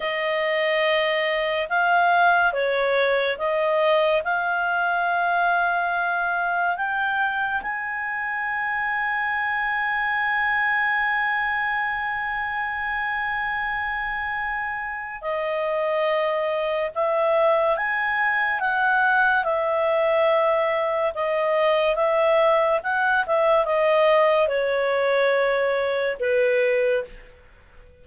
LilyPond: \new Staff \with { instrumentName = "clarinet" } { \time 4/4 \tempo 4 = 71 dis''2 f''4 cis''4 | dis''4 f''2. | g''4 gis''2.~ | gis''1~ |
gis''2 dis''2 | e''4 gis''4 fis''4 e''4~ | e''4 dis''4 e''4 fis''8 e''8 | dis''4 cis''2 b'4 | }